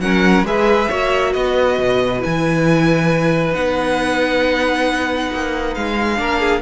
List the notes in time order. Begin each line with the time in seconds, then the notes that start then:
0.00 F#3 C#4 A#4 F#5
0.43 G#3 G#4 B4 E5
0.89 A#3 F#4 C#5
1.33 B3 B4 D#5
1.79 B2
2.20 E4 G#5
2.26 E3
3.52 B3 D#4 F#5
5.33 A#3
5.75 G#3 F5
6.16 A#3 D4 A#4
6.40 G#4